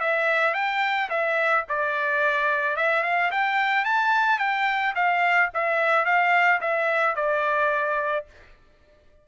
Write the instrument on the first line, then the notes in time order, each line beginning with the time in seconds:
trumpet
0.00 E5
0.54 G5
1.10 E5
1.69 D5
2.77 E5
3.03 F5
3.31 G5
3.85 A5
4.39 G5
4.95 F5
5.54 E5
6.05 F5
6.61 E5
7.16 D5